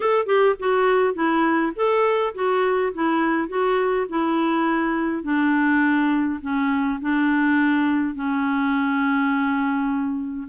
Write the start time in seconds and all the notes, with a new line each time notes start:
0.00 A4
0.26 G4
0.59 F#4
1.14 E4
1.75 A4
2.34 F#4
2.93 E4
3.48 F#4
4.09 E4
5.23 D4
6.41 C#4
7.01 D4
8.14 C#4